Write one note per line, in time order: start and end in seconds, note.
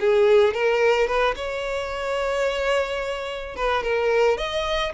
0.00 0.54 G#4
0.54 1.08 A#4
1.08 1.35 B4
1.36 3.56 C#5
3.56 3.83 B4
3.83 4.38 A#4
4.38 4.93 D#5